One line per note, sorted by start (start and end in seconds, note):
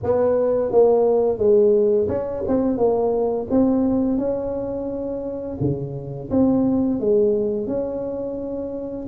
0.03 0.71 B3
0.71 1.38 A#3
1.38 2.07 G#3
2.08 2.43 C#4
2.47 2.77 C4
2.77 3.47 A#3
3.50 4.17 C4
4.17 5.57 C#4
5.60 6.30 C#3
6.30 7.00 C4
7.00 7.67 G#3
7.67 9.06 C#4